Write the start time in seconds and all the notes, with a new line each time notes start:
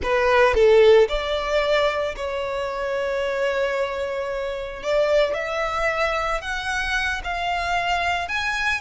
0.02 B4
0.54 A4
1.08 D5
2.16 C#5
4.82 D5
5.34 E5
6.41 F#5
7.24 F5
8.28 G#5